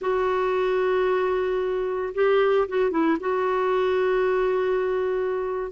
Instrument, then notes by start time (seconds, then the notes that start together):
clarinet
0.01 F#4
2.14 G4
2.68 F#4
2.91 E4
3.20 F#4